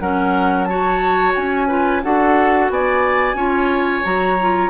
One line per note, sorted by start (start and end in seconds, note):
0.00 1.35 F#3
0.00 0.69 C#4
0.00 0.69 A#4
0.00 0.65 F#5
0.65 1.69 F#4
0.65 1.68 C#5
0.65 1.32 A5
1.35 2.04 C#4
1.35 2.03 G#5
1.68 2.03 F4
1.68 2.02 B4
2.03 2.70 D4
2.03 3.36 F#4
2.03 2.72 A4
2.03 2.71 F#5
2.70 3.34 B3
2.70 3.36 D5
2.70 4.05 G#5
3.34 4.01 C#4
3.34 4.04 F4
3.34 4.70 C#5
4.04 4.70 F#3
4.04 4.37 F#4
4.04 4.70 A#5
4.41 4.70 F4